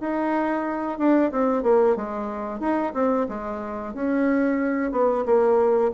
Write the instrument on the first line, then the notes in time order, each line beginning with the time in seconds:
bassoon
0.00 D#4
0.98 D4
1.32 C4
1.63 A#3
1.96 G#3
2.60 D#4
2.93 C4
3.28 G#3
3.94 C#4
4.92 B3
5.25 A#3